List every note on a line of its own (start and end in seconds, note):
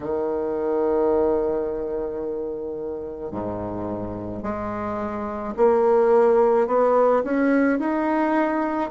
0.00 3.31 D#3
3.31 4.42 G#2
4.42 5.54 G#3
5.56 6.67 A#3
6.67 7.22 B3
7.24 7.79 C#4
7.79 8.90 D#4